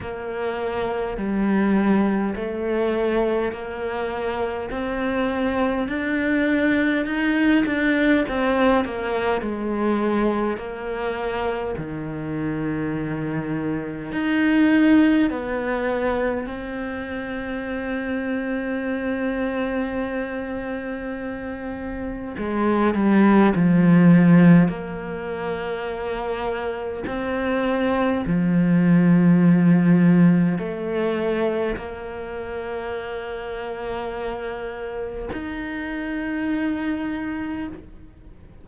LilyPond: \new Staff \with { instrumentName = "cello" } { \time 4/4 \tempo 4 = 51 ais4 g4 a4 ais4 | c'4 d'4 dis'8 d'8 c'8 ais8 | gis4 ais4 dis2 | dis'4 b4 c'2~ |
c'2. gis8 g8 | f4 ais2 c'4 | f2 a4 ais4~ | ais2 dis'2 | }